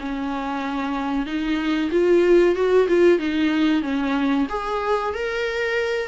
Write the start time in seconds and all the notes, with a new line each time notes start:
0.00 C#4
1.26 D#4
1.92 F4
2.56 F#4
2.89 F4
3.19 D#4
3.83 C#4
4.50 G#4
5.14 A#4